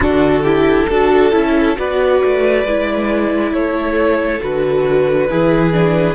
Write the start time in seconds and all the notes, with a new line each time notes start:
0.00 D3 D4 F#4 A4
0.42 E4 G4
0.88 D4 F#4 A4
1.31 C#4 E4
1.75 B3 F#4 B4 D5
2.24 A3
2.64 G#3 E4
3.52 A3 A4 C#5
4.40 D3 F#4 B4
5.29 E3 E4 G#4
5.72 D4